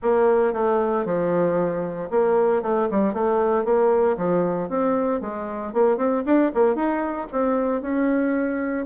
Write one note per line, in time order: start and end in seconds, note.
0.02 0.53 A#3
0.53 1.05 A3
1.05 2.09 F3
2.10 2.62 A#3
2.62 2.88 A3
2.91 3.13 G3
3.13 3.64 A3
3.64 4.16 A#3
4.17 4.69 F3
4.69 5.21 C4
5.21 5.73 G#3
5.73 5.97 A#3
5.97 6.23 C4
6.25 6.51 D4
6.54 6.75 A#3
6.75 7.27 D#4
7.31 7.81 C4
7.81 8.86 C#4